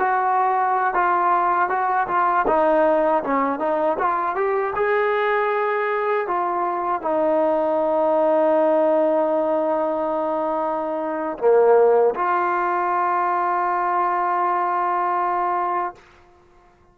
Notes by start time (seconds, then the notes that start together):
0.00 F#4
0.95 F4
1.70 F#4
2.08 F4
2.48 D#4
3.24 C#4
3.60 D#4
3.99 F4
4.36 G4
4.76 G#4
6.28 F4
7.02 D#4
11.39 A#3
12.16 F4